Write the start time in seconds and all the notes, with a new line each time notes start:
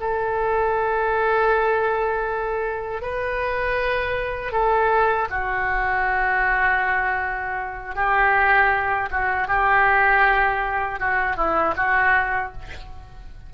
0.00 A4
3.01 B4
4.52 A4
5.30 F#4
7.95 G4
9.11 F#4
9.48 G4
11.00 F#4
11.36 E4
11.77 F#4